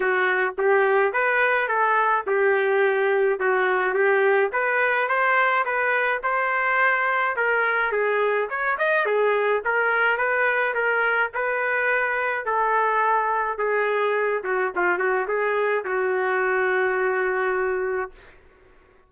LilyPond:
\new Staff \with { instrumentName = "trumpet" } { \time 4/4 \tempo 4 = 106 fis'4 g'4 b'4 a'4 | g'2 fis'4 g'4 | b'4 c''4 b'4 c''4~ | c''4 ais'4 gis'4 cis''8 dis''8 |
gis'4 ais'4 b'4 ais'4 | b'2 a'2 | gis'4. fis'8 f'8 fis'8 gis'4 | fis'1 | }